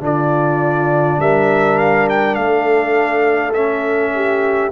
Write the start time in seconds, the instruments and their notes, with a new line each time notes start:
0.00 tuba D3, trombone D4, horn F4, trumpet D5
1.19 tuba G3, horn A#4, trumpet E5
1.78 trumpet F5
2.09 trumpet G5
2.35 tuba A3, trumpet F5
2.42 horn A4
3.54 trombone C#4, trumpet E5
4.15 horn G4